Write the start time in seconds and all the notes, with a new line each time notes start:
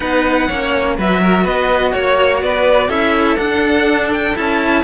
0.00 B3 D#4 B4 F#5
0.47 A#3 C#4 C#5
0.96 F#3 F#4 B4 E5
1.22 A#4
1.43 B3 B4 D#5
1.92 A#3 C#5
2.42 B3 B4 D5
2.88 C#4 E4 A4 E5
3.36 D4 F#5
4.12 G5
4.35 C#4 E4 A5